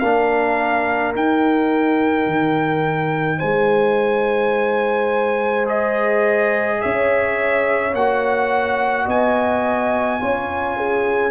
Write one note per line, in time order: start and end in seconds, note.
0.00 1.15 A#3
0.00 1.15 D4
0.00 3.38 A#4
0.00 1.13 F5
1.15 5.65 D#4
1.15 2.27 D#4
1.15 3.40 G5
2.27 3.40 D#3
3.38 6.82 G#3
3.38 6.78 C5
3.38 5.66 G#5
5.65 7.92 G#4
5.65 6.82 D#5
6.82 7.94 C#4
6.82 9.05 C#5
6.82 7.95 E5
7.94 9.07 A#3
7.94 10.20 F#4
7.94 9.09 F#5
9.05 10.21 B3
9.05 10.19 D#5
9.05 11.31 G#5
10.20 11.31 C#4
10.20 11.31 F4
10.20 10.77 C#5
10.77 11.31 G#4